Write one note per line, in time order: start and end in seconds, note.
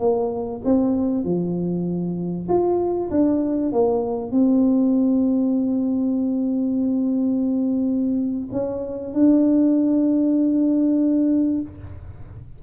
0.00 0.62 A#3
0.65 1.25 C4
1.25 2.48 F3
2.49 3.11 F4
3.11 3.73 D4
3.73 4.32 A#3
4.32 8.49 C4
8.52 9.14 C#4
9.14 11.61 D4